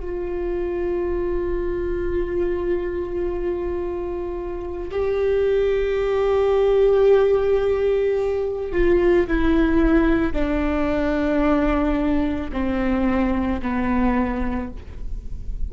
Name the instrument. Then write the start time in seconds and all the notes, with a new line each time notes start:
viola
0.00 F4
4.91 G4
8.73 F4
9.28 E4
10.33 D4
12.53 C4
13.62 B3